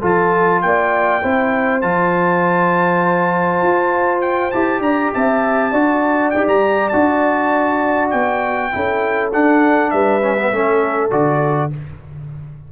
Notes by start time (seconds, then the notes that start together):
0.00 F3 F4 A4 A5
0.61 A#3 D5 G5
1.22 C4 E4 C5
1.81 F3 F4 A5
3.62 F4
4.21 G5
4.51 E4 G4 A5
4.80 D4 D5 A#5
5.14 C4 E5 A5
5.72 D4 F#4 D5
6.30 D#4 G4 G5
6.46 G3 A#5
6.88 D4 F#4 A5
8.10 B3 G5
8.72 C#4 E4 A4
9.32 D4 F#5
9.90 G3 B4 E5
10.21 C#4
10.37 B3
10.51 A3 C#4 A4
11.10 D3 F#4 D5